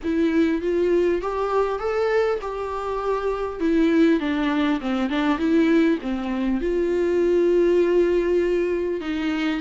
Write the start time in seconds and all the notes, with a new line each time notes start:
0.03 E4
0.61 F4
1.21 G4
1.79 A4
2.41 G4
3.60 E4
4.20 D4
4.80 C4
5.09 D4
5.38 E4
6.01 C4
6.60 F4
9.00 D#4